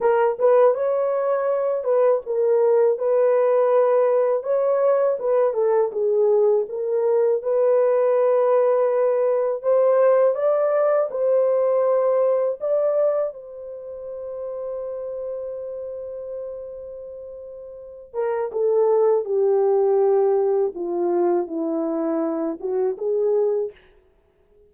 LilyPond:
\new Staff \with { instrumentName = "horn" } { \time 4/4 \tempo 4 = 81 ais'8 b'8 cis''4. b'8 ais'4 | b'2 cis''4 b'8 a'8 | gis'4 ais'4 b'2~ | b'4 c''4 d''4 c''4~ |
c''4 d''4 c''2~ | c''1~ | c''8 ais'8 a'4 g'2 | f'4 e'4. fis'8 gis'4 | }